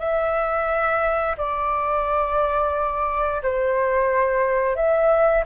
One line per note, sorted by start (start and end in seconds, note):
0.00 1.36 E5
1.38 3.42 D5
3.43 4.76 C5
4.76 5.45 E5